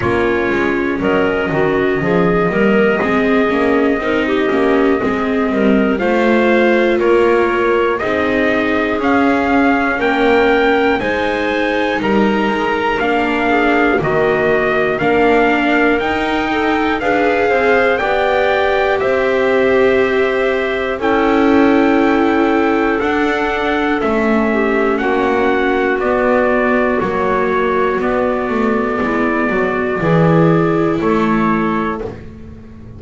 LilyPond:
<<
  \new Staff \with { instrumentName = "trumpet" } { \time 4/4 \tempo 4 = 60 cis''4 dis''2.~ | dis''2 f''4 cis''4 | dis''4 f''4 g''4 gis''4 | ais''4 f''4 dis''4 f''4 |
g''4 f''4 g''4 e''4~ | e''4 g''2 fis''4 | e''4 fis''4 d''4 cis''4 | d''2. cis''4 | }
  \new Staff \with { instrumentName = "clarinet" } { \time 4/4 f'4 ais'8 fis'8 gis'8 ais'8 gis'4 | ais'16 g'8. gis'8 ais'8 c''4 ais'4 | gis'2 ais'4 c''4 | ais'4. gis'8 fis'4 ais'4~ |
ais'8 a'8 b'8 c''8 d''4 c''4~ | c''4 a'2.~ | a'8 g'8 fis'2.~ | fis'4 e'8 fis'8 gis'4 a'4 | }
  \new Staff \with { instrumentName = "viola" } { \time 4/4 cis'2~ cis'8 ais8 c'8 cis'8 | dis'8 cis'8 c'4 f'2 | dis'4 cis'2 dis'4~ | dis'4 d'4 ais4 d'4 |
dis'4 gis'4 g'2~ | g'4 e'2 d'4 | cis'2 b4 ais4 | b2 e'2 | }
  \new Staff \with { instrumentName = "double bass" } { \time 4/4 ais8 gis8 fis8 dis8 f8 g8 gis8 ais8 | c'8 ais8 gis8 g8 a4 ais4 | c'4 cis'4 ais4 gis4 | g8 gis8 ais4 dis4 ais4 |
dis'4 d'8 c'8 b4 c'4~ | c'4 cis'2 d'4 | a4 ais4 b4 fis4 | b8 a8 gis8 fis8 e4 a4 | }
>>